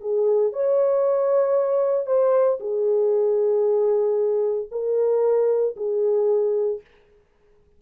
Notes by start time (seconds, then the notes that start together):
0.00 G#4
0.52 C#5
2.06 C5
2.60 G#4
4.71 A#4
5.76 G#4